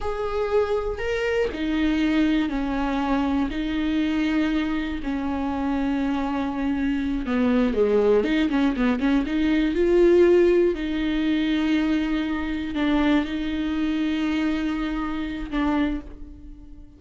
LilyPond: \new Staff \with { instrumentName = "viola" } { \time 4/4 \tempo 4 = 120 gis'2 ais'4 dis'4~ | dis'4 cis'2 dis'4~ | dis'2 cis'2~ | cis'2~ cis'8 b4 gis8~ |
gis8 dis'8 cis'8 b8 cis'8 dis'4 f'8~ | f'4. dis'2~ dis'8~ | dis'4. d'4 dis'4.~ | dis'2. d'4 | }